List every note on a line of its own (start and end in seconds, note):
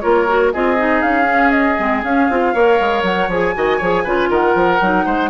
0.00 0.54 A#3
0.00 0.27 F4
0.00 0.53 A#4
0.00 0.50 C#5
0.28 0.53 F#4
0.53 1.03 C4
0.53 0.77 F4
0.53 2.54 G#4
0.53 1.02 D#5
0.77 1.24 D#4
1.02 1.79 C#4
1.02 1.50 F5
1.24 1.75 C#4
1.50 2.01 D#5
1.78 2.03 G#3
1.78 2.04 C4
2.03 2.28 C#4
2.03 2.30 C#4
2.03 3.04 F5
2.29 2.54 C4
2.29 2.55 F4
2.54 2.79 A#3
2.54 3.30 A#4
2.54 3.55 C#5
2.80 3.02 G#3
3.02 3.28 F#3
3.02 3.30 F#5
3.28 3.53 F3
3.28 3.55 G#4
3.28 4.32 G#5
3.55 3.80 D#3
3.55 3.80 F#4
3.55 3.77 D#5
3.77 4.06 F3
3.77 4.05 G#4
3.77 4.03 C#5
4.04 4.30 C#3
4.04 4.81 F4
4.04 4.29 B4
4.30 4.54 D#3
4.30 5.05 A#4
4.30 5.30 F#5
4.54 4.80 F3
4.81 5.06 F#3
4.81 5.30 D#4
5.05 5.30 G#3
5.05 5.30 C5